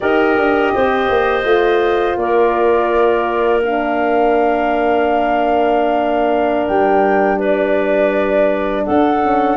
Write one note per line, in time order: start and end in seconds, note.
0.00 0.37 D#4
0.00 1.44 G4
0.00 0.73 A#4
0.00 2.16 D#5
0.37 0.73 D4
0.74 1.09 C4
0.74 2.19 C5
1.09 1.44 A#3
1.44 2.16 A3
1.44 3.61 F4
2.16 6.68 A#3
2.16 7.38 A#4
2.16 3.62 D5
3.62 9.22 D4
3.62 6.67 F5
6.67 8.86 G3
6.67 7.39 G5
7.38 8.83 B4
7.38 8.84 D5
8.84 9.56 D4
8.84 9.56 A4
8.84 9.56 F#5
9.22 9.56 C#4